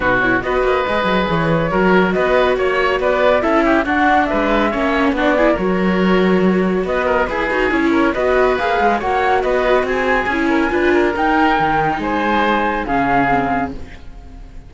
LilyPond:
<<
  \new Staff \with { instrumentName = "flute" } { \time 4/4 \tempo 4 = 140 b'8 cis''8 dis''2 cis''4~ | cis''4 dis''4 cis''4 d''4 | e''4 fis''4 e''2 | d''4 cis''2. |
dis''4 b'4 cis''4 dis''4 | f''4 fis''4 dis''4 gis''4~ | gis''2 g''2 | gis''2 f''2 | }
  \new Staff \with { instrumentName = "oboe" } { \time 4/4 fis'4 b'2. | ais'4 b'4 cis''4 b'4 | a'8 g'8 fis'4 b'4 cis''4 | fis'8 gis'8 ais'2. |
b'8 ais'8 gis'4. ais'8 b'4~ | b'4 cis''4 b'4 gis'4~ | gis'8 ais'8 b'8 ais'2~ ais'8 | c''2 gis'2 | }
  \new Staff \with { instrumentName = "viola" } { \time 4/4 dis'8 e'8 fis'4 gis'2 | fis'1 | e'4 d'2 cis'4 | d'8 e'8 fis'2.~ |
fis'4 gis'8 fis'8 e'4 fis'4 | gis'4 fis'2. | e'4 f'4 dis'2~ | dis'2 cis'4 c'4 | }
  \new Staff \with { instrumentName = "cello" } { \time 4/4 b,4 b8 ais8 gis8 fis8 e4 | fis4 b4 ais4 b4 | cis'4 d'4 gis4 ais4 | b4 fis2. |
b4 e'8 dis'8 cis'4 b4 | ais8 gis8 ais4 b4 c'4 | cis'4 d'4 dis'4 dis4 | gis2 cis2 | }
>>